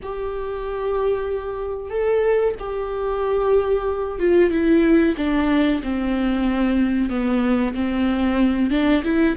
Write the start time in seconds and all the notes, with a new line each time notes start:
0.02 G4
1.90 A4
2.59 G4
4.19 F4
4.50 E4
5.17 D4
5.82 C4
7.09 B3
7.74 C4
8.70 D4
9.04 E4